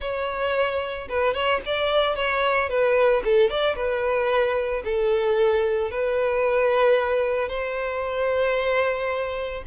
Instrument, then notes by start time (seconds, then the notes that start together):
violin
0.00 C#5
1.08 B4
1.33 C#5
1.65 D5
2.15 C#5
2.69 B4
3.24 A4
3.49 D5
3.75 B4
4.84 A4
5.90 B4
7.48 C5